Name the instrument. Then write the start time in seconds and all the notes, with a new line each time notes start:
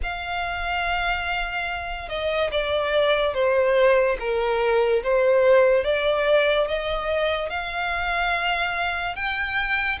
violin
0.02 F5
2.08 D#5
2.51 D5
3.33 C5
4.19 A#4
5.03 C5
5.84 D5
6.67 D#5
7.49 F5
9.15 G5